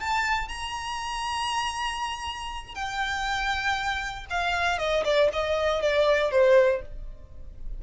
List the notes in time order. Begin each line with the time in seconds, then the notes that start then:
0.00 A5
0.49 A#5
2.75 G5
4.30 F5
4.79 D#5
5.04 D5
5.33 D#5
5.82 D5
6.31 C5